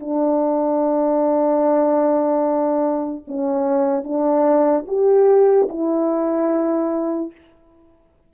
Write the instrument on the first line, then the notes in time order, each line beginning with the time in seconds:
horn
0.00 D4
3.27 C#4
4.04 D4
4.87 G4
5.69 E4